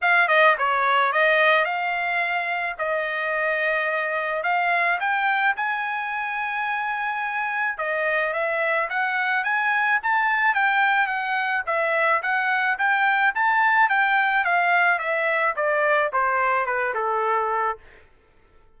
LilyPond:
\new Staff \with { instrumentName = "trumpet" } { \time 4/4 \tempo 4 = 108 f''8 dis''8 cis''4 dis''4 f''4~ | f''4 dis''2. | f''4 g''4 gis''2~ | gis''2 dis''4 e''4 |
fis''4 gis''4 a''4 g''4 | fis''4 e''4 fis''4 g''4 | a''4 g''4 f''4 e''4 | d''4 c''4 b'8 a'4. | }